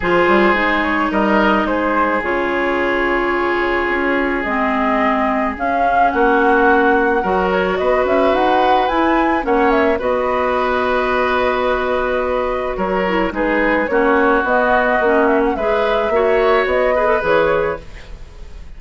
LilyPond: <<
  \new Staff \with { instrumentName = "flute" } { \time 4/4 \tempo 4 = 108 c''4. cis''8 dis''4 c''4 | cis''1 | dis''2 f''4 fis''4~ | fis''4. cis''8 dis''8 e''8 fis''4 |
gis''4 fis''8 e''8 dis''2~ | dis''2. cis''4 | b'4 cis''4 dis''4. e''16 fis''16 | e''2 dis''4 cis''4 | }
  \new Staff \with { instrumentName = "oboe" } { \time 4/4 gis'2 ais'4 gis'4~ | gis'1~ | gis'2. fis'4~ | fis'4 ais'4 b'2~ |
b'4 cis''4 b'2~ | b'2. ais'4 | gis'4 fis'2. | b'4 cis''4. b'4. | }
  \new Staff \with { instrumentName = "clarinet" } { \time 4/4 f'4 dis'2. | f'1 | c'2 cis'2~ | cis'4 fis'2. |
e'4 cis'4 fis'2~ | fis'2.~ fis'8 e'8 | dis'4 cis'4 b4 cis'4 | gis'4 fis'4. gis'16 a'16 gis'4 | }
  \new Staff \with { instrumentName = "bassoon" } { \time 4/4 f8 g8 gis4 g4 gis4 | cis2. cis'4 | gis2 cis'4 ais4~ | ais4 fis4 b8 cis'8 dis'4 |
e'4 ais4 b2~ | b2. fis4 | gis4 ais4 b4 ais4 | gis4 ais4 b4 e4 | }
>>